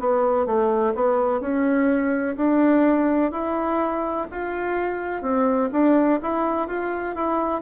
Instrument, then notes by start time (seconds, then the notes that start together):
bassoon
0.00 B3
0.46 A3
0.95 B3
1.41 C#4
2.36 D4
3.32 E4
4.31 F4
5.22 C4
5.72 D4
6.22 E4
6.68 F4
7.16 E4